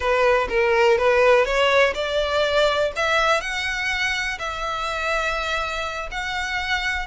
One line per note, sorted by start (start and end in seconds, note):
0.00 0.48 B4
0.49 0.98 A#4
0.98 1.45 B4
1.45 1.93 C#5
1.94 2.92 D5
2.95 3.40 E5
3.40 4.38 F#5
4.38 6.09 E5
6.11 7.06 F#5